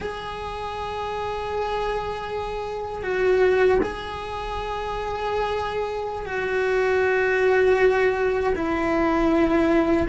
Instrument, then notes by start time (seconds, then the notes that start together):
cello
0.00 G#4
3.02 F#4
3.82 G#4
6.25 F#4
8.55 E4